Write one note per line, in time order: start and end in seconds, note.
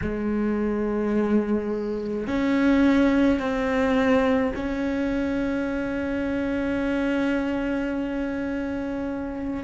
0.01 2.26 G#3
2.26 3.40 C#4
3.40 4.53 C4
4.55 9.63 C#4